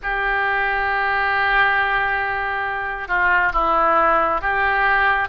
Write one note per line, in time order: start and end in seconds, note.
0.02 3.08 G4
3.08 3.52 F4
3.53 4.41 E4
4.41 5.28 G4